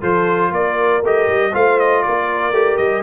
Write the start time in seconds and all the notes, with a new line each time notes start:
0.00 F3 F4 A4 C5
0.52 A#3 A#4 D5
1.02 A3 G4 D#5
1.28 G3
1.53 A3 F4 C5 F5
1.80 D#5
2.03 A#3 A#4 D5
2.52 A3 G4
2.77 G3 D#5